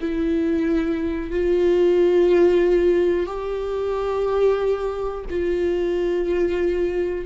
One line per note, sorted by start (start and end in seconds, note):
0.00 1.31 E4
1.31 3.26 F4
3.26 5.24 G4
5.30 7.25 F4